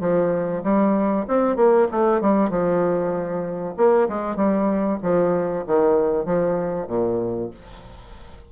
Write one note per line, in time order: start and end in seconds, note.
0.00 0.62 F3
0.63 1.26 G3
1.28 1.56 C4
1.56 1.87 A#3
1.91 2.20 A3
2.20 2.50 G3
2.50 3.75 F3
3.77 4.08 A#3
4.08 4.36 G#3
4.36 4.99 G3
5.02 5.65 F3
5.66 6.25 D#3
6.25 6.87 F3
6.87 7.50 A#2